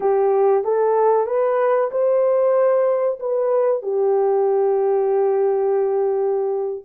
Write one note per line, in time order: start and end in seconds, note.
0.00 0.64 G4
0.64 1.26 A4
1.26 1.90 B4
1.91 3.19 C5
3.19 3.82 B4
3.82 6.85 G4